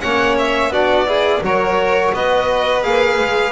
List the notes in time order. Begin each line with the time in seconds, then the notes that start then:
0.00 A#3 C#4 C#5 F#5
0.38 E5
0.69 B3 D4 F#4 D5
1.06 E4 G#4
1.41 F#3 F#4 A#4 C#5
2.13 B3 B4 D#5
2.82 A#3 G#4 F5
3.20 G#3